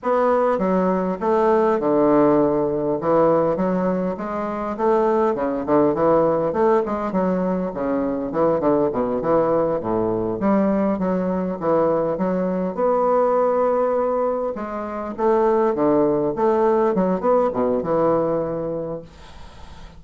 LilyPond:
\new Staff \with { instrumentName = "bassoon" } { \time 4/4 \tempo 4 = 101 b4 fis4 a4 d4~ | d4 e4 fis4 gis4 | a4 cis8 d8 e4 a8 gis8 | fis4 cis4 e8 d8 b,8 e8~ |
e8 a,4 g4 fis4 e8~ | e8 fis4 b2~ b8~ | b8 gis4 a4 d4 a8~ | a8 fis8 b8 b,8 e2 | }